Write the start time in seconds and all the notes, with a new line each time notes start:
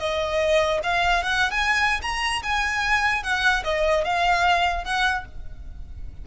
0.00 D#5
0.83 F5
1.24 F#5
1.51 G#5
2.02 A#5
2.43 G#5
3.23 F#5
3.64 D#5
4.05 F5
4.85 F#5